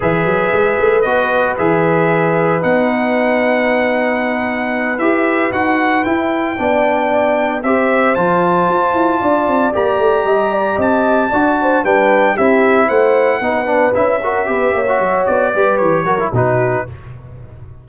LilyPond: <<
  \new Staff \with { instrumentName = "trumpet" } { \time 4/4 \tempo 4 = 114 e''2 dis''4 e''4~ | e''4 fis''2.~ | fis''4. e''4 fis''4 g''8~ | g''2~ g''8 e''4 a''8~ |
a''2~ a''8 ais''4.~ | ais''8 a''2 g''4 e''8~ | e''8 fis''2 e''4.~ | e''4 d''4 cis''4 b'4 | }
  \new Staff \with { instrumentName = "horn" } { \time 4/4 b'1~ | b'1~ | b'1~ | b'8 d''2 c''4.~ |
c''4. d''2 dis''8 | d''8 dis''4 d''8 c''8 b'4 g'8~ | g'8 c''4 b'4. ais'8 b'8 | cis''4. b'4 ais'8 fis'4 | }
  \new Staff \with { instrumentName = "trombone" } { \time 4/4 gis'2 fis'4 gis'4~ | gis'4 dis'2.~ | dis'4. g'4 fis'4 e'8~ | e'8 d'2 g'4 f'8~ |
f'2~ f'8 g'4.~ | g'4. fis'4 d'4 e'8~ | e'4. dis'8 d'8 e'8 fis'8 g'8~ | g'16 fis'4~ fis'16 g'4 fis'16 e'16 dis'4 | }
  \new Staff \with { instrumentName = "tuba" } { \time 4/4 e8 fis8 gis8 a8 b4 e4~ | e4 b2.~ | b4. e'4 dis'4 e'8~ | e'8 b2 c'4 f8~ |
f8 f'8 e'8 d'8 c'8 ais8 a8 g8~ | g8 c'4 d'4 g4 c'8~ | c'8 a4 b4 cis'4 b8 | ais8 fis8 b8 g8 e8 fis8 b,4 | }
>>